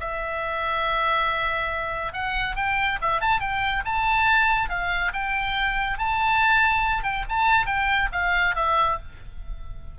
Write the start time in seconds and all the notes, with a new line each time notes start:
0.00 E5
2.13 F#5
2.56 G5
3.02 E5
3.21 A5
3.40 G5
3.85 A5
4.69 F5
5.13 G5
5.98 A5
7.03 G5
7.29 A5
7.66 G5
8.12 F5
8.56 E5